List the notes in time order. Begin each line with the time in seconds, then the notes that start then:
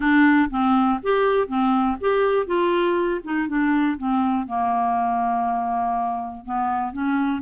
0.00 D4
0.50 C4
1.02 G4
1.47 C4
2.00 G4
2.46 F4
3.24 D#4
3.48 D4
3.97 C4
4.47 A#3
6.45 B3
6.92 C#4